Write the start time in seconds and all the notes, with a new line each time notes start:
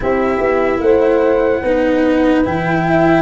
0.00 C4 E4 G4 E5
0.39 B3
0.79 A3 C5 F#5
1.61 B3 D#4 B4
2.45 E3 E4 G5
2.86 E5